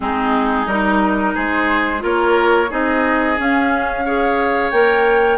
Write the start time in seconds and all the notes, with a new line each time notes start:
0.00 G#3 C4 D#4 G#4
0.66 G3 D#4 A#4
1.34 G#3 G#4 C5
1.99 A#3 F4 A#4 C#5
2.70 C4 D#4 G#4 D#5
3.37 C#4 F5
4.05 G#4 C#5
4.71 A#3 A#4 G5